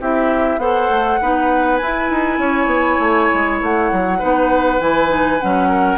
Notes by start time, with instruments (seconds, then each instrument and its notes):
0.00 bassoon C4, clarinet E4, oboe G4, flute E5
0.57 bassoon B3, clarinet A4, oboe C5, flute F#5
0.89 bassoon A3
1.21 bassoon B3, clarinet D#4, oboe B4
1.76 bassoon E4, clarinet E4, flute G#5
2.10 bassoon D#4
2.38 bassoon C#4, oboe C#5
2.66 bassoon B3
2.99 bassoon A3
3.33 bassoon G#3
3.61 bassoon A3, flute F#5
3.92 bassoon F#3
4.19 bassoon B3, clarinet D#4, oboe B4
4.79 bassoon E3, clarinet E4, flute G#5
5.07 clarinet D#4
5.40 bassoon F#3, clarinet C#4, flute F#5
5.69 oboe A#4